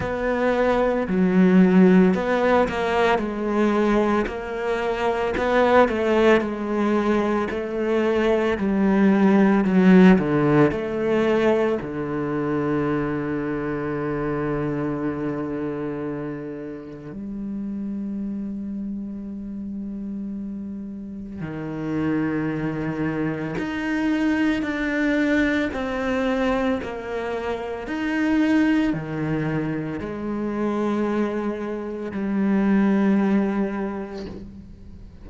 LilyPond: \new Staff \with { instrumentName = "cello" } { \time 4/4 \tempo 4 = 56 b4 fis4 b8 ais8 gis4 | ais4 b8 a8 gis4 a4 | g4 fis8 d8 a4 d4~ | d1 |
g1 | dis2 dis'4 d'4 | c'4 ais4 dis'4 dis4 | gis2 g2 | }